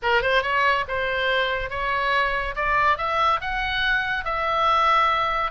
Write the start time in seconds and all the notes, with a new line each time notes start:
0.02 A#4
0.22 C5
0.42 C#5
0.87 C5
1.70 C#5
2.55 D5
2.97 E5
3.40 F#5
4.24 E5